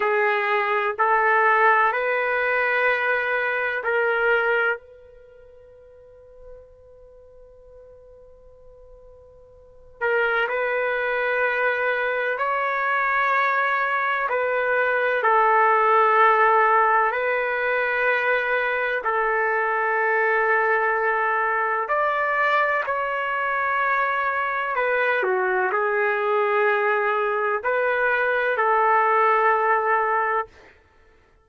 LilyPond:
\new Staff \with { instrumentName = "trumpet" } { \time 4/4 \tempo 4 = 63 gis'4 a'4 b'2 | ais'4 b'2.~ | b'2~ b'8 ais'8 b'4~ | b'4 cis''2 b'4 |
a'2 b'2 | a'2. d''4 | cis''2 b'8 fis'8 gis'4~ | gis'4 b'4 a'2 | }